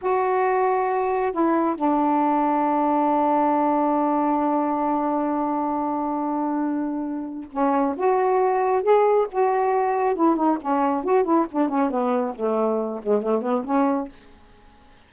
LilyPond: \new Staff \with { instrumentName = "saxophone" } { \time 4/4 \tempo 4 = 136 fis'2. e'4 | d'1~ | d'1~ | d'1~ |
d'4 cis'4 fis'2 | gis'4 fis'2 e'8 dis'8 | cis'4 fis'8 e'8 d'8 cis'8 b4 | a4. gis8 a8 b8 cis'4 | }